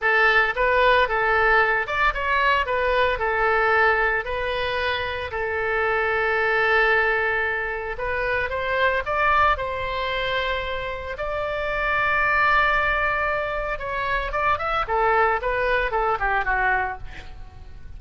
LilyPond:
\new Staff \with { instrumentName = "oboe" } { \time 4/4 \tempo 4 = 113 a'4 b'4 a'4. d''8 | cis''4 b'4 a'2 | b'2 a'2~ | a'2. b'4 |
c''4 d''4 c''2~ | c''4 d''2.~ | d''2 cis''4 d''8 e''8 | a'4 b'4 a'8 g'8 fis'4 | }